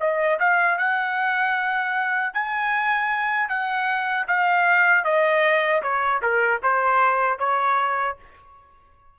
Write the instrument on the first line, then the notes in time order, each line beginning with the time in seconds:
trumpet
0.00 D#5
0.40 F5
0.78 F#5
2.34 G#5
3.49 F#5
4.28 F5
5.05 D#5
5.83 C#5
6.22 A#4
6.63 C5
7.39 C#5